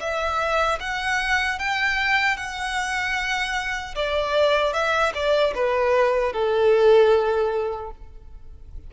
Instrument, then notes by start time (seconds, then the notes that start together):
violin
0.00 E5
0.80 F#5
1.59 G5
2.37 F#5
3.95 D5
4.73 E5
5.15 D5
5.55 B4
6.33 A4